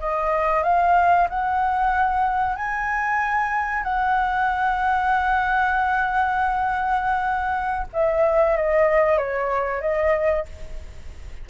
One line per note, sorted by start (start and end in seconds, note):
0.00 0.63 D#5
0.63 1.28 F5
1.30 2.56 F#5
2.56 3.84 G#5
3.84 7.87 F#5
7.93 8.57 E5
8.57 9.18 D#5
9.18 9.81 C#5
9.81 10.45 D#5